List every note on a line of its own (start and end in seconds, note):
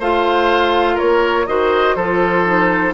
0.00 0.98 A3
0.00 1.48 F4
0.00 0.95 C5
0.00 0.99 F5
0.95 1.44 A#4
0.95 1.47 C#5
1.02 1.47 A#3
1.47 1.96 D#3
1.47 1.97 F#4
1.47 1.96 C5
1.47 1.95 D#5
1.95 2.94 F3
1.95 2.45 F4
1.95 2.94 A4
1.95 2.94 C5
2.45 2.94 D#4